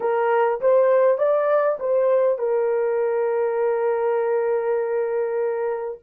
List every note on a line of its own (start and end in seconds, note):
0.00 0.60 A#4
0.60 1.17 C5
1.17 1.77 D5
1.79 2.38 C5
2.38 5.98 A#4